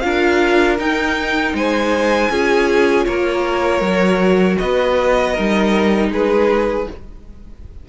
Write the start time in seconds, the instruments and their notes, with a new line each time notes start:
0.00 cello D4, viola F4, violin A#4 F5
0.78 viola D#4, cello D#4, violin G5
1.54 cello G#3, violin C5 G#5
2.30 cello C#4, viola F4, violin G#4
3.05 cello A#3, violin A#4 C#5
3.81 cello F#3, viola F#4
4.58 cello B3, violin B4 D#5
5.33 cello G3, viola D#4, violin A#4
6.11 cello G#3, violin G#4 B4